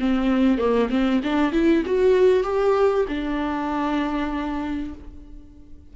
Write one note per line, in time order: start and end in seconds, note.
0.00 0.58 C4
0.58 0.89 A#3
0.90 1.21 C4
1.24 1.53 D4
1.53 1.84 E4
1.86 2.44 F#4
2.44 3.06 G4
3.08 4.94 D4